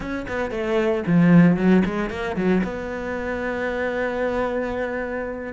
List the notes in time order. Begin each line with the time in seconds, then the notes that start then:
0.00 C#4
0.28 B3
0.50 A3
1.06 F3
1.56 F#3
1.85 G#3
2.10 A#3
2.36 F#3
2.63 B3